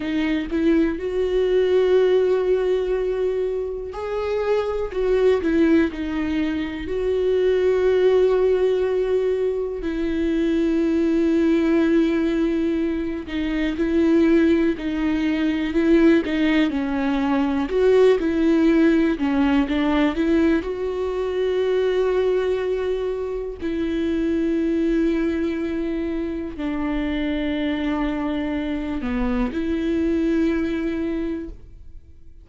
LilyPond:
\new Staff \with { instrumentName = "viola" } { \time 4/4 \tempo 4 = 61 dis'8 e'8 fis'2. | gis'4 fis'8 e'8 dis'4 fis'4~ | fis'2 e'2~ | e'4. dis'8 e'4 dis'4 |
e'8 dis'8 cis'4 fis'8 e'4 cis'8 | d'8 e'8 fis'2. | e'2. d'4~ | d'4. b8 e'2 | }